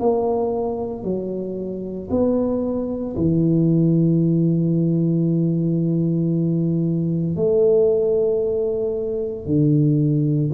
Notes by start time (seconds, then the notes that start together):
0.00 A#3
1.04 F#3
2.11 B3
3.17 E3
7.36 A3
9.46 D3